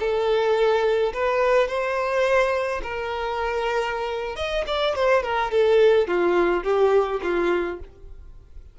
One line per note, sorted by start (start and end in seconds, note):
0.00 1.13 A4
1.14 1.68 B4
1.68 2.81 C5
2.83 4.36 A#4
4.36 4.65 D#5
4.67 4.95 D5
4.96 5.23 C5
5.23 5.51 A#4
5.52 6.08 A4
6.08 6.64 F4
6.64 7.21 G4
7.23 7.80 F4